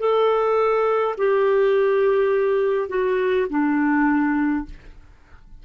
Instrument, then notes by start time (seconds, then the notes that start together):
clarinet
0.00 A4
1.18 G4
2.90 F#4
3.50 D4